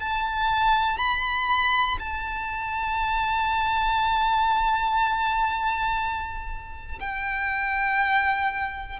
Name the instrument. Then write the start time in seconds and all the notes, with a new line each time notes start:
violin
0.00 A5
0.99 B5
2.00 A5
7.00 G5